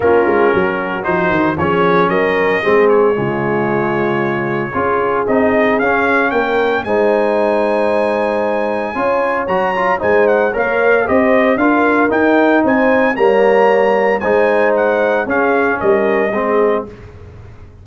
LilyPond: <<
  \new Staff \with { instrumentName = "trumpet" } { \time 4/4 \tempo 4 = 114 ais'2 c''4 cis''4 | dis''4. cis''2~ cis''8~ | cis''2 dis''4 f''4 | g''4 gis''2.~ |
gis''2 ais''4 gis''8 fis''8 | f''4 dis''4 f''4 g''4 | gis''4 ais''2 gis''4 | fis''4 f''4 dis''2 | }
  \new Staff \with { instrumentName = "horn" } { \time 4/4 f'4 fis'2 gis'4 | ais'4 gis'4 f'2~ | f'4 gis'2. | ais'4 c''2.~ |
c''4 cis''2 c''4 | cis''4 c''4 ais'2 | c''4 cis''2 c''4~ | c''4 gis'4 ais'4 gis'4 | }
  \new Staff \with { instrumentName = "trombone" } { \time 4/4 cis'2 dis'4 cis'4~ | cis'4 c'4 gis2~ | gis4 f'4 dis'4 cis'4~ | cis'4 dis'2.~ |
dis'4 f'4 fis'8 f'8 dis'4 | ais'4 g'4 f'4 dis'4~ | dis'4 ais2 dis'4~ | dis'4 cis'2 c'4 | }
  \new Staff \with { instrumentName = "tuba" } { \time 4/4 ais8 gis8 fis4 f8 dis8 f4 | fis4 gis4 cis2~ | cis4 cis'4 c'4 cis'4 | ais4 gis2.~ |
gis4 cis'4 fis4 gis4 | ais4 c'4 d'4 dis'4 | c'4 g2 gis4~ | gis4 cis'4 g4 gis4 | }
>>